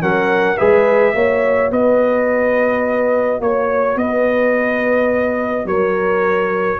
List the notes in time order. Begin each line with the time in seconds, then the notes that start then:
0.00 F#3 C#4 A#4 F#5
0.57 G#3 G#4 B4 E5
1.13 A#3 F#4 C#5
1.71 B3 B4 D#5
3.40 A#3 C#5
3.95 B3 B4 D#5
5.65 F#3 A#4 C#5